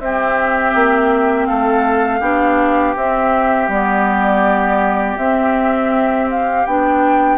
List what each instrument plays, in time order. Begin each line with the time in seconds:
0.00 bassoon C4, clarinet C4, oboe G4, flute E5
0.75 bassoon A#3
1.46 bassoon A3, oboe A4, flute F5
2.20 bassoon B3, clarinet D4, oboe G4
2.96 bassoon C4, clarinet C4, flute E5
3.69 bassoon G3, clarinet B3, flute D5
5.18 bassoon C4, clarinet C4, flute E5
6.31 flute F5
6.66 bassoon B3, clarinet D4, flute G5